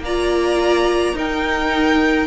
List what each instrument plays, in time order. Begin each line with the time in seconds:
0.00 cello A#3, violin D5 A#5
0.06 viola F4
1.13 cello D#4, viola D#4, violin A#4 G5